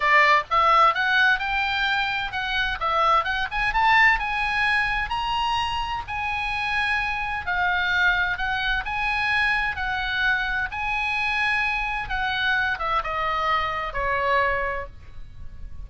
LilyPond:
\new Staff \with { instrumentName = "oboe" } { \time 4/4 \tempo 4 = 129 d''4 e''4 fis''4 g''4~ | g''4 fis''4 e''4 fis''8 gis''8 | a''4 gis''2 ais''4~ | ais''4 gis''2. |
f''2 fis''4 gis''4~ | gis''4 fis''2 gis''4~ | gis''2 fis''4. e''8 | dis''2 cis''2 | }